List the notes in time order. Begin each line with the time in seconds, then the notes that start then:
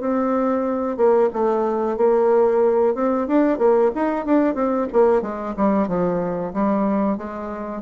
0.00 C4
0.96 A#3
1.33 A3
1.97 A#3
2.94 C4
3.27 D4
3.58 A#3
3.95 D#4
4.25 D4
4.54 C4
4.92 A#3
5.21 G#3
5.56 G3
5.88 F3
6.53 G3
7.17 G#3